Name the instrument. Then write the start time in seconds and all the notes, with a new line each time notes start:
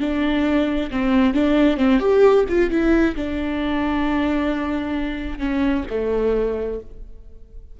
viola
0.00 D4
0.91 C4
1.34 D4
1.77 C4
2.00 G4
2.49 F4
2.70 E4
3.16 D4
5.39 C#4
5.90 A3